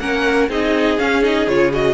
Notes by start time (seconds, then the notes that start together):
0.00 A#3 C#4 A#4 F#5
0.49 C4 D#4 G#4 D#5
0.98 C#4 F5
1.22 D#4 D#5
1.47 C#3 F4 C#5
1.72 F#4 D#5